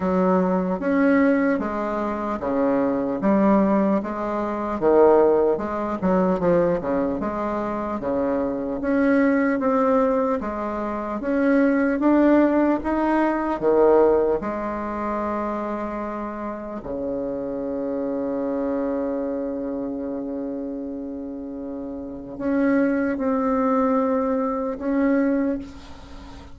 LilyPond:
\new Staff \with { instrumentName = "bassoon" } { \time 4/4 \tempo 4 = 75 fis4 cis'4 gis4 cis4 | g4 gis4 dis4 gis8 fis8 | f8 cis8 gis4 cis4 cis'4 | c'4 gis4 cis'4 d'4 |
dis'4 dis4 gis2~ | gis4 cis2.~ | cis1 | cis'4 c'2 cis'4 | }